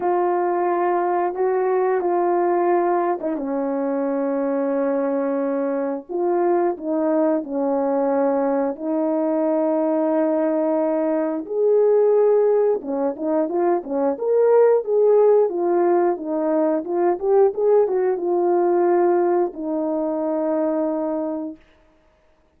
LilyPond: \new Staff \with { instrumentName = "horn" } { \time 4/4 \tempo 4 = 89 f'2 fis'4 f'4~ | f'8. dis'16 cis'2.~ | cis'4 f'4 dis'4 cis'4~ | cis'4 dis'2.~ |
dis'4 gis'2 cis'8 dis'8 | f'8 cis'8 ais'4 gis'4 f'4 | dis'4 f'8 g'8 gis'8 fis'8 f'4~ | f'4 dis'2. | }